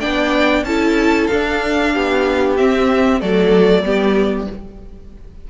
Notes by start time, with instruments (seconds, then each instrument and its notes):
0.00 cello B3, viola D4, violin D5 G5
0.64 cello C#4, viola E4, violin A4 A5
1.27 cello D4, viola D4, violin F5
1.93 cello B3, violin G4
2.57 viola C4, cello C4, violin E5
3.20 cello F#3, viola A3, violin A4 D5
3.83 cello G3, viola B3, violin G4